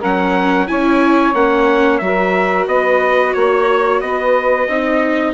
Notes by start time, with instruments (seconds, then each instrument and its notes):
0.00 bassoon F#3, viola C#4, saxophone A#4, trumpet F#5
0.68 bassoon C#4, viola E4, saxophone C#5, trumpet G#5
1.34 bassoon A#3, viola C#4, trumpet F#5
1.99 bassoon F#3, viola F#4, trumpet E5
2.05 saxophone A#4
2.67 bassoon B3, saxophone B4, trumpet D#5
3.34 bassoon A#3, trumpet C#5, saxophone C#5
4.01 bassoon B3, saxophone B4, trumpet D#5
4.68 bassoon C4, viola D#4, saxophone D#5